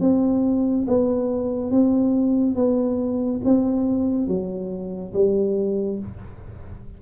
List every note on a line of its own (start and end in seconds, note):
0.00 0.86 C4
0.87 1.71 B3
1.71 2.55 C4
2.55 3.41 B3
3.44 4.27 C4
4.27 5.13 F#3
5.13 5.99 G3